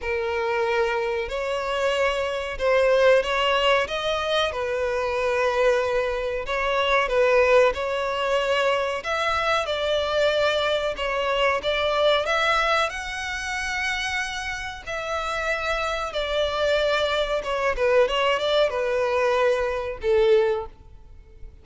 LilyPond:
\new Staff \with { instrumentName = "violin" } { \time 4/4 \tempo 4 = 93 ais'2 cis''2 | c''4 cis''4 dis''4 b'4~ | b'2 cis''4 b'4 | cis''2 e''4 d''4~ |
d''4 cis''4 d''4 e''4 | fis''2. e''4~ | e''4 d''2 cis''8 b'8 | cis''8 d''8 b'2 a'4 | }